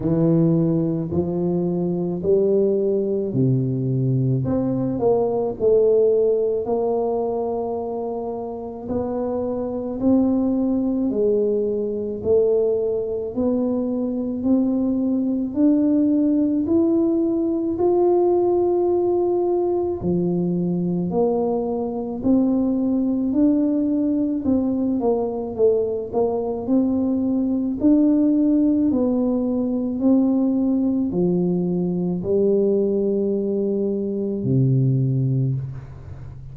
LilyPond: \new Staff \with { instrumentName = "tuba" } { \time 4/4 \tempo 4 = 54 e4 f4 g4 c4 | c'8 ais8 a4 ais2 | b4 c'4 gis4 a4 | b4 c'4 d'4 e'4 |
f'2 f4 ais4 | c'4 d'4 c'8 ais8 a8 ais8 | c'4 d'4 b4 c'4 | f4 g2 c4 | }